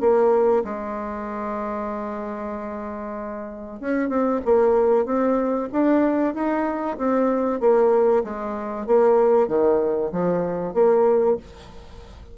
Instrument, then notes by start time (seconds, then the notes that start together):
bassoon
0.00 A#3
0.64 G#3
3.80 C#4
4.09 C4
4.45 A#3
5.05 C4
5.72 D4
6.34 D#4
6.98 C4
7.60 A#3
8.24 G#3
8.86 A#3
9.48 D#3
10.12 F3
10.74 A#3